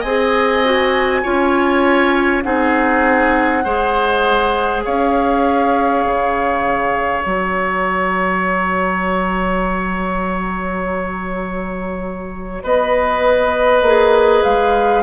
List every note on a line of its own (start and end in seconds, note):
0.00 1.24 C4
0.00 0.65 G#4
0.00 1.20 D#5
0.00 2.41 G#5
0.65 1.24 F#4
1.23 2.45 C#4
1.23 2.43 F4
1.23 2.43 C#5
2.43 3.65 C4
2.43 3.63 D#4
2.43 3.64 G#4
2.43 4.83 F#5
3.64 4.85 G#3
3.64 7.23 G#4
3.64 4.84 C5
4.85 6.04 C#4
4.85 12.63 C#5
4.85 7.24 F5
6.04 7.25 C#3
7.23 12.64 F#3
7.23 13.83 F#4
7.23 12.63 A#5
12.63 13.82 B3
12.63 15.03 B4
12.63 14.43 D#5
13.82 14.42 A#3
13.82 15.03 G#4
14.43 15.03 G#3
14.43 15.03 F5